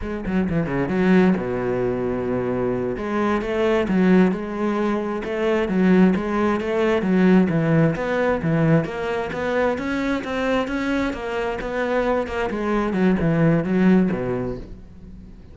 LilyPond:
\new Staff \with { instrumentName = "cello" } { \time 4/4 \tempo 4 = 132 gis8 fis8 e8 cis8 fis4 b,4~ | b,2~ b,8 gis4 a8~ | a8 fis4 gis2 a8~ | a8 fis4 gis4 a4 fis8~ |
fis8 e4 b4 e4 ais8~ | ais8 b4 cis'4 c'4 cis'8~ | cis'8 ais4 b4. ais8 gis8~ | gis8 fis8 e4 fis4 b,4 | }